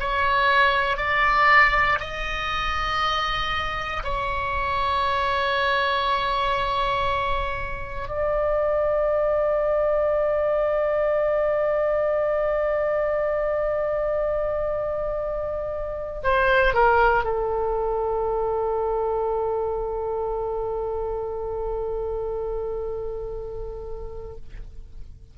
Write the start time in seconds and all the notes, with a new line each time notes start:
0.00 C#5
0.98 D5
2.00 D#5
4.04 C#5
8.08 D5
16.24 C5
16.74 A#4
17.25 A4